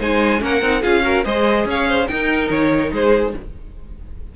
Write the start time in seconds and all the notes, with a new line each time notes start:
0.00 G#3 D#4 C5 G#5
0.40 A#3 C#4 A#4 F#5
0.62 C4 D#4
0.82 C#4 F4 G#4 F5
1.03 F#4 A#4
1.25 G#3 G#4 C5 D#5
1.65 C#4 C#5 F5
1.89 C5
2.08 D#4 A#4 G5
2.50 D#3 C#5
2.92 G#3 G#4 C5